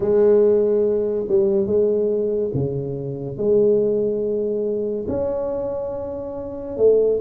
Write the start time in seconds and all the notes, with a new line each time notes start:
0.00 G#3
1.28 G3
1.66 G#3
2.54 C#3
3.36 G#3
5.08 C#4
6.77 A3